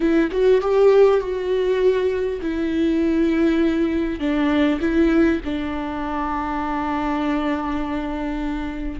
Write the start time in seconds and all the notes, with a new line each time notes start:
0.00 E4
0.31 F#4
0.61 G4
1.20 F#4
2.41 E4
4.19 D4
4.80 E4
5.44 D4